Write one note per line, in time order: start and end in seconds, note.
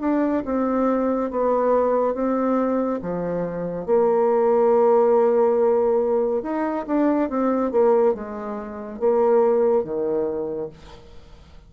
0.00 0.43 D4
0.44 1.30 C4
1.30 2.14 B3
2.14 2.99 C4
3.01 3.85 F3
3.85 6.42 A#3
6.42 6.85 D#4
6.86 7.29 D4
7.29 7.71 C4
7.71 8.14 A#3
8.14 8.99 G#3
8.99 9.83 A#3
9.83 10.69 D#3